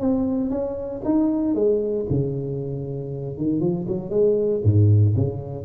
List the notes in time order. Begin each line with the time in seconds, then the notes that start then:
0.00 C4
0.50 C#4
1.04 D#4
1.54 G#3
2.10 C#3
3.37 D#3
3.60 F3
3.88 F#3
4.10 G#3
4.63 G#2
5.16 C#3